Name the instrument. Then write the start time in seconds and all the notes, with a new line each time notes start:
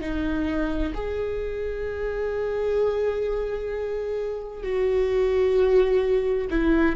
viola
0.00 D#4
0.94 G#4
4.62 F#4
6.50 E4